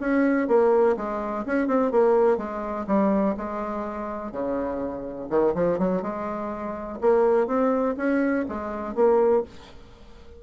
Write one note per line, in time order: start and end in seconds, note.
0.00 0.48 C#4
0.48 0.96 A#3
0.96 1.45 G#3
1.45 1.67 C#4
1.67 1.91 C4
1.91 2.37 A#3
2.37 2.86 G#3
2.87 3.35 G3
3.37 4.32 G#3
4.32 5.28 C#3
5.30 5.54 D#3
5.54 5.78 F3
5.78 6.02 F#3
6.02 6.99 G#3
7.01 7.47 A#3
7.47 7.95 C4
7.97 8.45 C#4
8.48 8.94 G#3
8.94 9.43 A#3